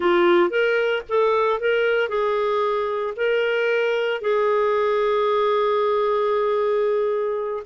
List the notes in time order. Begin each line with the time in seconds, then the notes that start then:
0.00 F4
0.50 A#4
1.08 A4
1.60 A#4
2.08 G#4
3.16 A#4
4.21 G#4